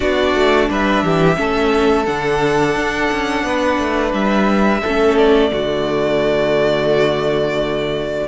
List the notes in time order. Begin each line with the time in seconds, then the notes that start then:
0.00 B3 D4 F#4 D5
0.34 A3
0.69 G3 B4 E5
1.03 E3 G4
1.35 A3 C#4 A4
2.05 D3 D4 F#5
2.75 D4
3.11 C#4
3.43 B3 B4
3.78 A3
4.13 G3 E5
4.81 A3 A4
4.87 C#4
5.17 D5
5.51 D3 A3 F#4